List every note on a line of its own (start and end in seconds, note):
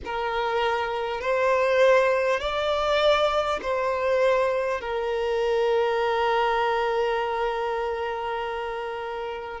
0.04 1.21 A#4
1.21 2.40 C5
2.40 3.60 D5
3.62 4.80 C5
4.80 9.60 A#4